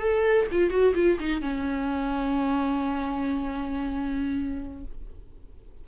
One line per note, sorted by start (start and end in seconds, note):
0.00 0.47 A4
0.52 0.71 F4
0.71 0.94 F#4
0.95 1.19 F4
1.20 1.42 D#4
1.42 4.84 C#4